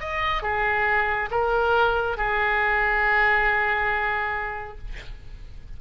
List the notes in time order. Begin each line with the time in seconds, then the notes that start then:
0.00 D#5
0.42 G#4
1.31 A#4
2.17 G#4